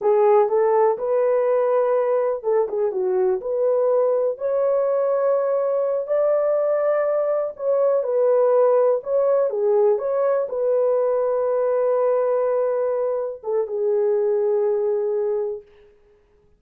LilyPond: \new Staff \with { instrumentName = "horn" } { \time 4/4 \tempo 4 = 123 gis'4 a'4 b'2~ | b'4 a'8 gis'8 fis'4 b'4~ | b'4 cis''2.~ | cis''8 d''2. cis''8~ |
cis''8 b'2 cis''4 gis'8~ | gis'8 cis''4 b'2~ b'8~ | b'2.~ b'8 a'8 | gis'1 | }